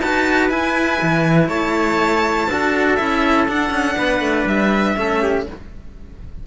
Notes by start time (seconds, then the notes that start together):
0.00 D#4 F#4 B4 A5
0.49 E4 G#5
1.01 E3
1.48 A3 C#5 A5
2.48 D4 F#4 A4
2.95 C#4 E4 E5
3.48 D4 F#5
3.70 C#4
3.98 B3 B4
4.20 A3
4.45 G3 E5
4.97 A3 C#4 A4
5.22 G4